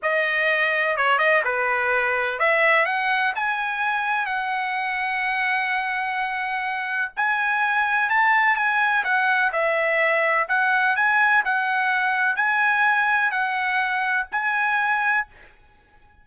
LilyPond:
\new Staff \with { instrumentName = "trumpet" } { \time 4/4 \tempo 4 = 126 dis''2 cis''8 dis''8 b'4~ | b'4 e''4 fis''4 gis''4~ | gis''4 fis''2.~ | fis''2. gis''4~ |
gis''4 a''4 gis''4 fis''4 | e''2 fis''4 gis''4 | fis''2 gis''2 | fis''2 gis''2 | }